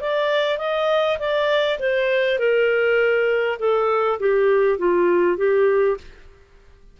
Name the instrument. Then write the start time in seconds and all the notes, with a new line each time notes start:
clarinet
0.00 D5
0.58 D#5
1.18 D5
1.79 C5
2.39 A#4
3.59 A4
4.19 G4
4.78 F4
5.37 G4